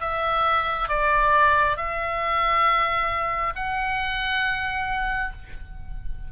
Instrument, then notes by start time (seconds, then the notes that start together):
oboe
0.00 E5
0.88 D5
1.76 E5
3.55 F#5